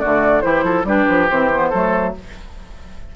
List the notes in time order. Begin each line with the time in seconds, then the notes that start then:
0.00 D3 A3 F#4 D5
0.41 E3 E4 G4 C5
0.64 F3 A4
0.84 G3 D4 G4 B4
1.09 F3
1.30 E3 C4 C5
1.54 B3
1.70 F#3 A3 A4